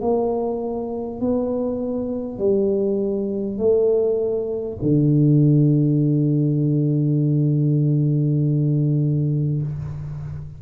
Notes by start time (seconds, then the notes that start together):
0.00 A#3
1.20 B3
2.38 G3
3.57 A3
4.82 D3